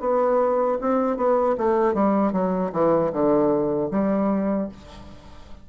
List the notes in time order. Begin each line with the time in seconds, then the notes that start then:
0.00 B3
0.81 C4
1.17 B3
1.58 A3
1.94 G3
2.32 F#3
2.72 E3
3.12 D3
3.91 G3